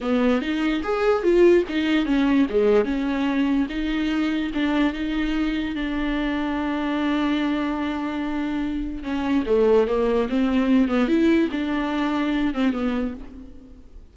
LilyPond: \new Staff \with { instrumentName = "viola" } { \time 4/4 \tempo 4 = 146 b4 dis'4 gis'4 f'4 | dis'4 cis'4 gis4 cis'4~ | cis'4 dis'2 d'4 | dis'2 d'2~ |
d'1~ | d'2 cis'4 a4 | ais4 c'4. b8 e'4 | d'2~ d'8 c'8 b4 | }